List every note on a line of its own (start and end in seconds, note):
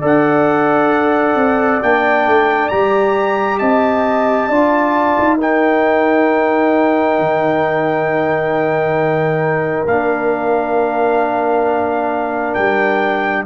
0.00 1.35 D4
0.00 1.81 A4
0.00 3.58 D5
0.00 1.83 F#5
1.35 1.80 C4
1.83 2.27 A#3
1.83 2.71 D4
1.83 2.69 G5
2.27 2.71 A3
2.69 3.61 G3
2.69 4.51 G4
2.69 3.59 A#5
3.59 4.49 C4
3.59 4.48 D#5
3.59 5.38 A5
4.48 5.17 D4
4.48 5.39 F4
4.48 5.37 D5
5.19 7.19 D#4
5.38 9.87 D#4
5.38 13.44 A#4
5.38 9.87 G5
7.19 9.86 D#3
9.86 12.55 A#3
9.86 13.46 D4
9.86 12.55 F5
12.55 13.46 G3
12.55 13.44 G5